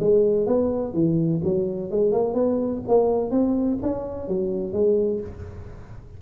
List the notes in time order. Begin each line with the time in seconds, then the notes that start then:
0.00 G#3
0.47 B3
0.94 E3
1.44 F#3
1.91 G#3
2.12 A#3
2.34 B3
2.88 A#3
3.31 C4
3.82 C#4
4.29 F#3
4.73 G#3